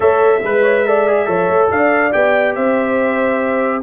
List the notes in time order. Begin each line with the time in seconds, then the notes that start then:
0.00 A3 A4 C#5 E5
0.42 G#3 B4
0.61 C#5
0.85 A4 D5
1.07 G#4
1.25 F3 A4 C#5
1.48 A3
1.70 D4 D5 F5
2.11 B3 G4 G5
2.55 C4 C5 E5